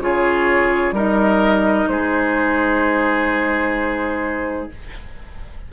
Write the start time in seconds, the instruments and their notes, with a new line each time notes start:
0.00 bassoon C#3, clarinet F4, oboe G#4, flute C#5
0.92 bassoon G3, clarinet D#4, oboe A#4, flute D#5
1.88 bassoon G#3, oboe G#4, flute C5